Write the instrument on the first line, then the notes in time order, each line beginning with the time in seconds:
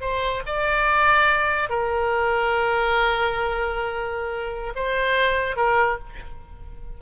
oboe
0.00 C5
0.46 D5
1.69 A#4
4.75 C5
5.56 A#4